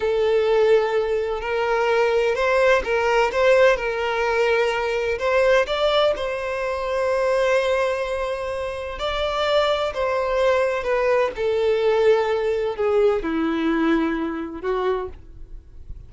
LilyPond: \new Staff \with { instrumentName = "violin" } { \time 4/4 \tempo 4 = 127 a'2. ais'4~ | ais'4 c''4 ais'4 c''4 | ais'2. c''4 | d''4 c''2.~ |
c''2. d''4~ | d''4 c''2 b'4 | a'2. gis'4 | e'2. fis'4 | }